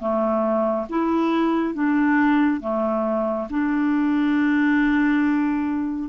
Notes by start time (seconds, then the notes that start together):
0.00 A3
0.90 E4
1.75 D4
2.61 A3
3.50 D4